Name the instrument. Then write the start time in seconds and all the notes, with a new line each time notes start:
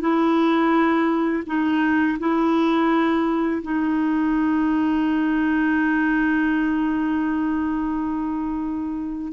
clarinet
0.00 E4
1.46 D#4
2.19 E4
3.62 D#4